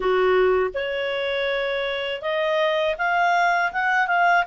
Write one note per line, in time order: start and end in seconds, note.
0.00 0.70 F#4
0.74 2.21 C#5
2.21 2.95 D#5
2.98 3.72 F5
3.72 4.07 F#5
4.07 4.44 F5